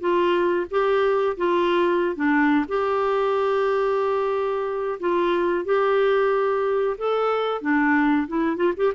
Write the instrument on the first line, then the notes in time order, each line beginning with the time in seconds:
clarinet
0.00 F4
0.70 G4
1.37 F4
2.15 D4
2.68 G4
5.00 F4
5.65 G4
6.98 A4
7.61 D4
8.28 E4
8.57 F4
8.76 G4